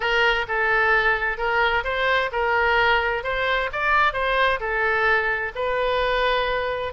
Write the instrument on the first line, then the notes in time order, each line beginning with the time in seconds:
oboe
0.00 A#4
0.48 A4
1.37 A#4
1.84 C5
2.32 A#4
3.23 C5
3.72 D5
4.13 C5
4.59 A4
5.55 B4